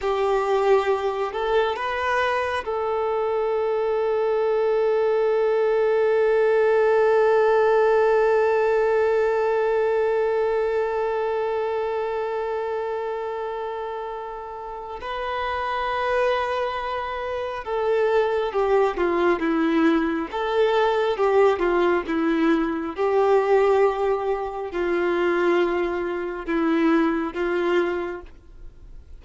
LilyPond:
\new Staff \with { instrumentName = "violin" } { \time 4/4 \tempo 4 = 68 g'4. a'8 b'4 a'4~ | a'1~ | a'1~ | a'1~ |
a'4 b'2. | a'4 g'8 f'8 e'4 a'4 | g'8 f'8 e'4 g'2 | f'2 e'4 f'4 | }